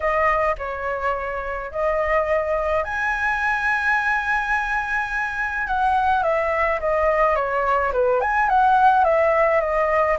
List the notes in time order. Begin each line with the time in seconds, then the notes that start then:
0.00 D#5
0.57 C#5
1.71 D#5
2.84 G#5
5.67 F#5
6.23 E5
6.80 D#5
7.35 C#5
7.92 B4
8.20 G#5
8.49 F#5
9.04 E5
9.60 D#5